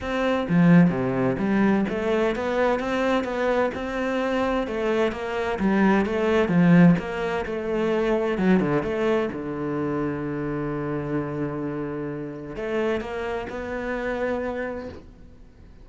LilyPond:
\new Staff \with { instrumentName = "cello" } { \time 4/4 \tempo 4 = 129 c'4 f4 c4 g4 | a4 b4 c'4 b4 | c'2 a4 ais4 | g4 a4 f4 ais4 |
a2 fis8 d8 a4 | d1~ | d2. a4 | ais4 b2. | }